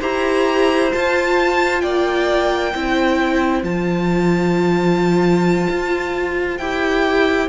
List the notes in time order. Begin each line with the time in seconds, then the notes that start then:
0.00 E4 G4 C5 A#5
0.92 F4 A5
1.81 A#3 D5 G5
2.74 C4 E4 C5
3.63 F3 F4 A5
5.69 F4
6.58 E4 G4 G5